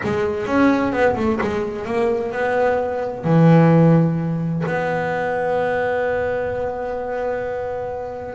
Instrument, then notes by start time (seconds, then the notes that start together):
double bass
0.03 G#3
0.46 C#4
0.92 B3
1.16 A3
1.41 G#3
1.85 A#3
2.32 B3
3.24 E3
4.66 B3